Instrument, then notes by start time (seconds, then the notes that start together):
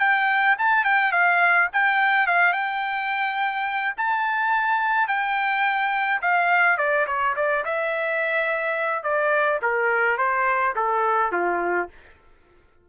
trumpet
0.00 G5
0.59 A5
0.85 G5
1.12 F5
1.73 G5
2.27 F5
2.53 G5
3.98 A5
5.08 G5
6.22 F5
6.78 D5
7.07 C#5
7.37 D5
7.65 E5
9.04 D5
9.62 A#4
10.18 C5
10.76 A4
11.33 F4